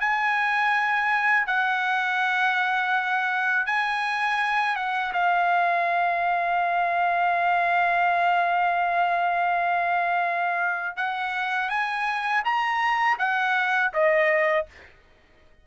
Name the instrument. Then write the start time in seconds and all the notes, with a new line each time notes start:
trumpet
0.00 G#5
1.46 F#5
3.66 G#5
4.76 F#5
5.13 F5
10.96 F#5
11.69 G#5
12.44 A#5
13.18 F#5
13.93 D#5